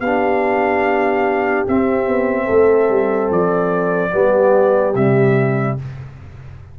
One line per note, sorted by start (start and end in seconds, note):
0.00 1.64 B3
0.00 1.66 D4
0.00 2.45 G4
0.00 1.65 F5
1.66 4.11 C4
1.66 2.08 C4
1.66 3.32 E5
2.08 2.49 B3
2.45 2.89 A3
2.45 4.09 A4
2.89 3.30 G3
3.30 4.12 F3
3.30 4.95 D5
4.11 4.95 G3
4.11 4.93 B3
4.11 5.77 G4
4.95 5.77 C3
4.95 5.79 G3
4.95 5.77 E5